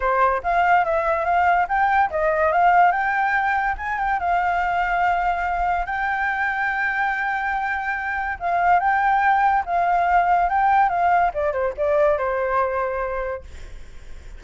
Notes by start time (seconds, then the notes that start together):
0.00 C5
0.43 F5
0.84 E5
1.24 F5
1.68 G5
2.10 D#5
2.52 F5
2.91 G5
3.77 G#5
3.98 G5
4.19 F5
5.86 G5
8.39 F5
8.79 G5
9.65 F5
10.49 G5
10.89 F5
11.34 D5
11.52 C5
11.77 D5
12.18 C5